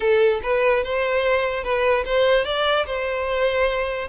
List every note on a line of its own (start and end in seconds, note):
0.00 0.41 A4
0.42 0.83 B4
0.83 1.63 C5
1.63 2.04 B4
2.05 2.44 C5
2.44 2.85 D5
2.86 4.08 C5